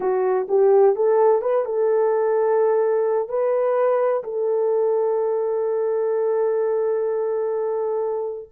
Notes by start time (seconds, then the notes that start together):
0.00 F#4
0.48 G4
0.95 A4
1.41 B4
1.65 A4
3.28 B4
4.23 A4